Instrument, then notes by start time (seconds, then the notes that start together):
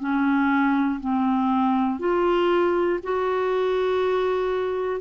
clarinet
0.00 C#4
1.00 C4
1.99 F4
3.03 F#4